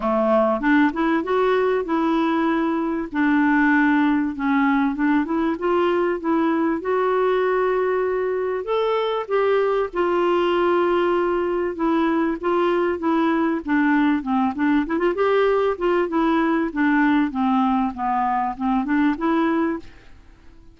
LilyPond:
\new Staff \with { instrumentName = "clarinet" } { \time 4/4 \tempo 4 = 97 a4 d'8 e'8 fis'4 e'4~ | e'4 d'2 cis'4 | d'8 e'8 f'4 e'4 fis'4~ | fis'2 a'4 g'4 |
f'2. e'4 | f'4 e'4 d'4 c'8 d'8 | e'16 f'16 g'4 f'8 e'4 d'4 | c'4 b4 c'8 d'8 e'4 | }